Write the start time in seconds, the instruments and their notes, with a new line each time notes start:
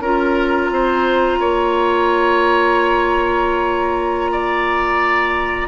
0.00 bassoon C#4, clarinet F4, oboe A#4, flute A#5
0.71 bassoon C4, oboe C5
1.39 bassoon A#3, oboe C#5
4.32 oboe D5